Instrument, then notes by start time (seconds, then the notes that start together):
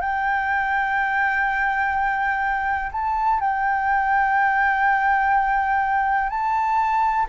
flute
0.00 G5
2.92 A5
3.40 G5
6.29 A5